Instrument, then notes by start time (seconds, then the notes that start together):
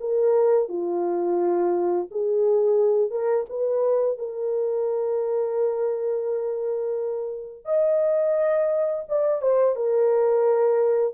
horn
0.00 A#4
0.68 F4
2.11 G#4
3.10 A#4
3.49 B4
4.18 A#4
7.65 D#5
9.09 D5
9.42 C5
9.76 A#4